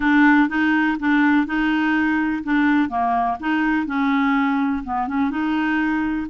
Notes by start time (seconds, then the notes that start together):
0.00 D4
0.48 D#4
0.99 D4
1.46 D#4
2.43 D4
2.89 A#3
3.40 D#4
3.86 C#4
4.83 B3
5.07 C#4
5.30 D#4